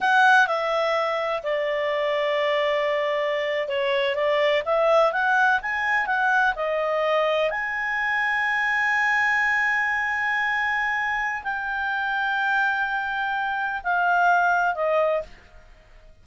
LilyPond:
\new Staff \with { instrumentName = "clarinet" } { \time 4/4 \tempo 4 = 126 fis''4 e''2 d''4~ | d''2.~ d''8. cis''16~ | cis''8. d''4 e''4 fis''4 gis''16~ | gis''8. fis''4 dis''2 gis''16~ |
gis''1~ | gis''1 | g''1~ | g''4 f''2 dis''4 | }